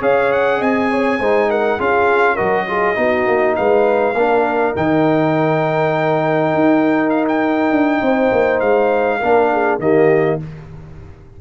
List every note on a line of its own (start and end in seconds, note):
0.00 0.61 C#4
0.00 1.20 G#4
0.00 0.59 C#5
0.00 0.32 F5
0.33 0.62 F#5
0.59 1.20 C4
0.59 0.88 D#5
0.59 1.51 G#5
0.91 1.20 C#5
1.20 1.79 G#3
1.20 1.79 D#4
1.20 1.49 C5
1.50 1.78 A#4
1.50 1.81 F#5
1.78 2.39 C#4
1.78 2.37 F4
1.78 2.35 G#4
1.78 2.37 F5
2.35 2.98 F#3
2.35 2.67 F#4
2.35 2.65 A#4
2.35 3.55 D#5
2.67 2.95 F4
2.67 2.98 G#4
2.95 3.27 B3
2.95 4.14 D#4
2.95 3.58 F#4
3.27 3.57 A#3
3.56 4.15 G#3
3.56 4.17 B4
3.56 4.75 F5
4.15 4.74 A#3
4.15 4.76 D4
4.15 8.03 A#4
4.76 6.55 D#3
4.76 9.21 D#4
4.76 7.10 G5
6.55 7.71 D#4
7.10 7.25 F5
7.28 8.60 G5
7.71 8.01 D4
8.02 8.32 C4
8.02 9.20 C5
8.32 8.61 A#3
8.60 9.21 G#3
8.60 9.79 F5
9.20 9.79 A#3
9.20 9.81 D4
9.20 9.49 A#4
9.53 9.82 G#4
9.79 10.38 D#3
9.79 10.40 A#3
9.79 10.41 G4
9.79 10.40 D#5